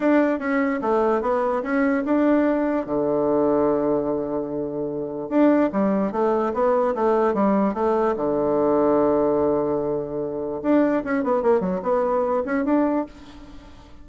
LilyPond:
\new Staff \with { instrumentName = "bassoon" } { \time 4/4 \tempo 4 = 147 d'4 cis'4 a4 b4 | cis'4 d'2 d4~ | d1~ | d4 d'4 g4 a4 |
b4 a4 g4 a4 | d1~ | d2 d'4 cis'8 b8 | ais8 fis8 b4. cis'8 d'4 | }